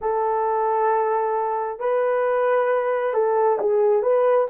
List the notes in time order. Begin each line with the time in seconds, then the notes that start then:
0.01 A4
1.79 B4
3.13 A4
3.59 G#4
4.02 B4